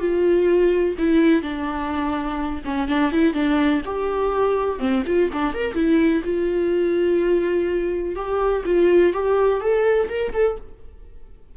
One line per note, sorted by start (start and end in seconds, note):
0.00 0.96 F4
0.99 1.42 E4
1.42 2.62 D4
2.65 2.88 C#4
2.88 3.12 D4
3.12 3.34 E4
3.34 3.82 D4
3.86 4.80 G4
4.80 5.04 C4
5.07 5.31 F4
5.33 5.54 D4
5.54 5.74 A#4
5.74 6.22 E4
6.24 8.16 F4
8.16 8.64 G4
8.65 9.13 F4
9.14 9.61 G4
9.61 10.09 A4
10.09 10.33 A#4
10.33 10.57 A4